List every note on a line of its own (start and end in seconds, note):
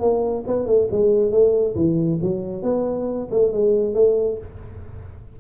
0.00 0.44 A#3
0.47 0.66 B3
0.66 0.88 A3
0.91 1.31 G#3
1.31 1.75 A3
1.75 2.19 E3
2.22 2.63 F#3
2.63 3.28 B3
3.31 3.53 A3
3.53 3.94 G#3
3.94 4.38 A3